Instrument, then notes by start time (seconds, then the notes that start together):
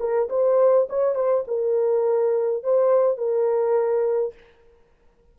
horn
0.00 A#4
0.30 C5
0.90 C#5
1.16 C5
1.48 A#4
2.64 C5
3.18 A#4